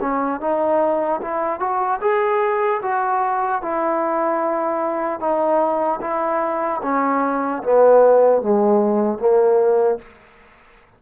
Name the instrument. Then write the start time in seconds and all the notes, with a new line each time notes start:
trombone
0.00 C#4
0.40 D#4
1.21 E4
1.59 F#4
2.01 G#4
2.82 F#4
3.61 E4
5.20 D#4
6.01 E4
6.83 C#4
7.63 B3
8.41 G#3
9.19 A#3